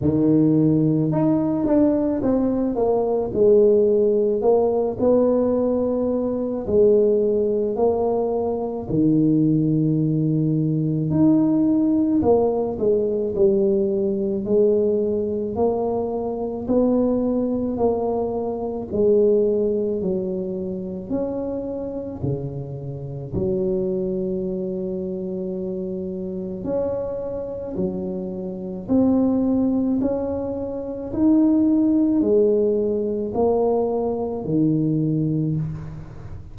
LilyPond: \new Staff \with { instrumentName = "tuba" } { \time 4/4 \tempo 4 = 54 dis4 dis'8 d'8 c'8 ais8 gis4 | ais8 b4. gis4 ais4 | dis2 dis'4 ais8 gis8 | g4 gis4 ais4 b4 |
ais4 gis4 fis4 cis'4 | cis4 fis2. | cis'4 fis4 c'4 cis'4 | dis'4 gis4 ais4 dis4 | }